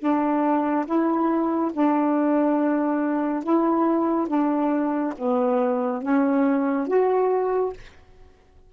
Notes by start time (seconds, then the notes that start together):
0.00 D4
0.86 E4
1.73 D4
3.44 E4
4.28 D4
5.18 B3
6.02 C#4
6.88 F#4